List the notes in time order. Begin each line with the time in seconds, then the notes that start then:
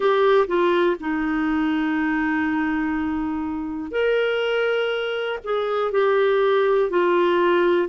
0.00 G4
0.46 F4
1.00 D#4
3.91 A#4
5.44 G#4
5.91 G4
6.90 F4